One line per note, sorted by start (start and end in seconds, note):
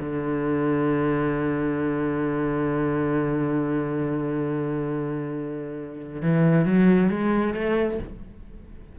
0.00 6.22 D3
6.22 6.65 E3
6.65 7.09 F#3
7.09 7.54 G#3
7.54 7.98 A3